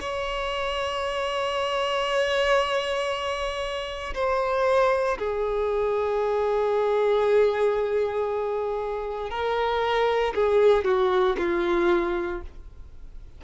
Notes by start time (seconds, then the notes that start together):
0.00 C#5
4.14 C5
5.18 G#4
9.30 A#4
10.34 G#4
10.84 F#4
11.37 F4